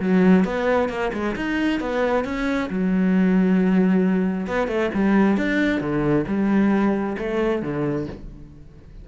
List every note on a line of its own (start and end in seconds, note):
0.00 0.45 F#3
0.45 0.89 B3
0.89 1.12 A#3
1.13 1.36 G#3
1.36 1.80 D#4
1.80 2.25 B3
2.25 2.70 C#4
2.70 4.47 F#3
4.47 4.68 B3
4.68 4.91 A3
4.94 5.37 G3
5.37 5.81 D4
5.81 6.26 D3
6.27 7.17 G3
7.18 7.63 A3
7.63 8.07 D3